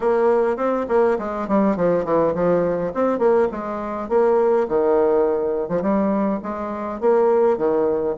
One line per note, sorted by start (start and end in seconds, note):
0.00 0.56 A#3
0.56 0.86 C4
0.88 1.17 A#3
1.18 1.47 G#3
1.48 1.76 G3
1.76 2.04 F3
2.04 2.33 E3
2.34 2.92 F3
2.94 3.19 C4
3.19 3.48 A#3
3.51 4.09 G#3
4.09 4.67 A#3
4.68 5.68 D#3
5.68 5.81 F3
5.81 6.40 G3
6.43 7.00 G#3
7.00 7.57 A#3
7.57 8.16 D#3